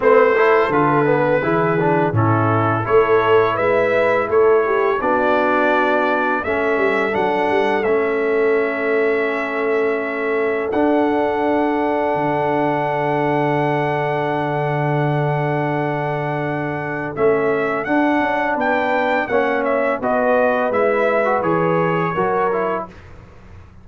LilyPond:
<<
  \new Staff \with { instrumentName = "trumpet" } { \time 4/4 \tempo 4 = 84 c''4 b'2 a'4 | cis''4 e''4 cis''4 d''4~ | d''4 e''4 fis''4 e''4~ | e''2. fis''4~ |
fis''1~ | fis''1 | e''4 fis''4 g''4 fis''8 e''8 | dis''4 e''4 cis''2 | }
  \new Staff \with { instrumentName = "horn" } { \time 4/4 b'8 a'4. gis'4 e'4 | a'4 b'4 a'8 g'8 fis'4~ | fis'4 a'2.~ | a'1~ |
a'1~ | a'1~ | a'2 b'4 cis''4 | b'2. ais'4 | }
  \new Staff \with { instrumentName = "trombone" } { \time 4/4 c'8 e'8 f'8 b8 e'8 d'8 cis'4 | e'2. d'4~ | d'4 cis'4 d'4 cis'4~ | cis'2. d'4~ |
d'1~ | d'1 | cis'4 d'2 cis'4 | fis'4 e'8. fis'16 gis'4 fis'8 e'8 | }
  \new Staff \with { instrumentName = "tuba" } { \time 4/4 a4 d4 e4 a,4 | a4 gis4 a4 b4~ | b4 a8 g8 fis8 g8 a4~ | a2. d'4~ |
d'4 d2.~ | d1 | a4 d'8 cis'8 b4 ais4 | b4 gis4 e4 fis4 | }
>>